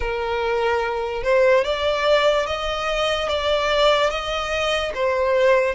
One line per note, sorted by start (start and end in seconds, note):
0.00 1.23 A#4
1.23 1.64 C5
1.64 2.46 D5
2.46 3.28 D#5
3.28 4.09 D5
4.09 4.92 D#5
4.94 5.74 C5